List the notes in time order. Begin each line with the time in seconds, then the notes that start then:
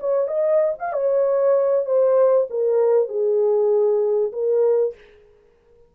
0.00 C#5
0.28 D#5
0.79 F5
0.93 C#5
1.86 C5
2.50 A#4
3.08 G#4
4.33 A#4